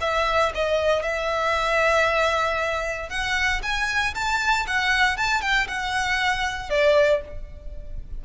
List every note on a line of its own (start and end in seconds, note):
0.00 0.52 E5
0.54 1.02 D#5
1.02 3.09 E5
3.09 3.61 F#5
3.62 4.14 G#5
4.14 4.66 A5
4.67 5.16 F#5
5.16 5.41 A5
5.41 5.67 G5
5.67 6.69 F#5
6.69 7.21 D5